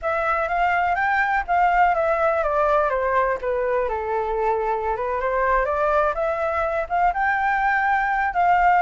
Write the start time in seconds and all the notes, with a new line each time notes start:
0.02 E5
0.48 F5
0.95 G5
1.47 F5
1.94 E5
2.43 D5
2.89 C5
3.41 B4
3.88 A4
4.96 B4
5.20 C5
5.65 D5
6.14 E5
6.89 F5
7.13 G5
8.33 F5